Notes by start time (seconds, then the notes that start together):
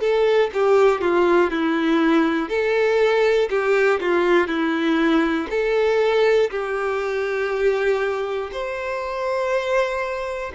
0.00 A4
0.54 G4
1.01 F4
1.50 E4
2.49 A4
3.50 G4
4.00 F4
4.47 E4
5.50 A4
6.51 G4
8.52 C5